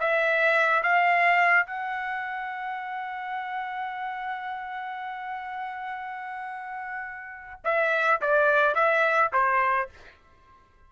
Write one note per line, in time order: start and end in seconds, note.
0.00 0.83 E5
0.83 1.66 F5
1.66 7.61 F#5
7.64 8.21 E5
8.21 8.75 D5
8.75 9.31 E5
9.33 9.89 C5